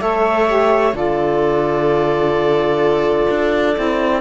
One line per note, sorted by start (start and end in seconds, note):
0.00 0.93 A3
0.00 0.46 A4
0.00 0.95 C#5
0.00 0.94 E5
0.46 0.92 G4
0.92 3.27 D3
0.92 3.74 F4
0.92 4.21 A4
0.92 4.21 D5
3.30 3.77 D4
3.74 4.21 C4
3.74 4.21 E4